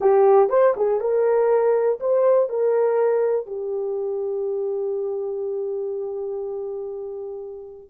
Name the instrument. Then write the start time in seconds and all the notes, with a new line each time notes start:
horn
0.00 G4
0.49 C5
0.76 G#4
1.00 A#4
2.00 C5
2.49 A#4
3.46 G4